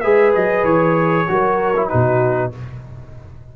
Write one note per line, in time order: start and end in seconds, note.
0.00 0.35 G#3
0.00 1.27 G#4
0.00 1.26 B4
0.00 0.31 E5
0.35 0.63 F#3
0.35 0.64 D#5
0.63 1.26 E3
0.63 1.88 C#5
1.27 1.92 F#3
1.27 1.74 F#4
1.27 1.90 A#4
1.76 1.89 E4
1.88 2.56 B2
1.88 2.52 D#4
1.88 2.53 F#4
1.88 2.51 B4